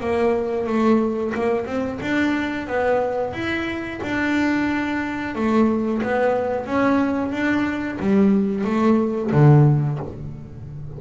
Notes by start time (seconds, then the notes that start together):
0.00 A#3
0.67 A3
1.35 A#3
1.66 C4
2.02 D4
2.67 B3
3.33 E4
4.03 D4
5.35 A3
6.02 B3
6.66 C#4
7.32 D4
8.00 G3
8.65 A3
9.32 D3